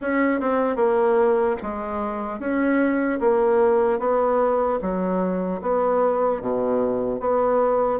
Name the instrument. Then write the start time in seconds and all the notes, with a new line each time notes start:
bassoon
0.01 C#4
0.40 C4
0.76 A#3
1.62 G#3
2.39 C#4
3.20 A#3
3.99 B3
4.81 F#3
5.61 B3
6.41 B2
7.20 B3